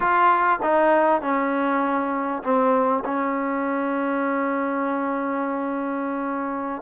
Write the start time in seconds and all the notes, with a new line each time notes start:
0.00 F4
0.62 D#4
1.21 C#4
2.43 C4
3.04 C#4